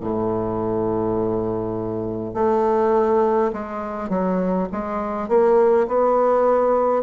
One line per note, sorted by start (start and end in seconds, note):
0.00 2.34 A2
2.34 3.51 A3
3.52 4.09 G#3
4.09 4.68 F#3
4.72 5.28 G#3
5.28 5.87 A#3
5.87 7.02 B3